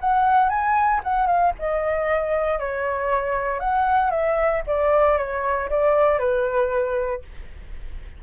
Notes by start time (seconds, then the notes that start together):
0.00 F#5
0.49 G#5
1.03 F#5
1.26 F5
1.58 D#5
2.59 C#5
3.59 F#5
4.10 E5
4.66 D5
5.17 C#5
5.69 D5
6.18 B4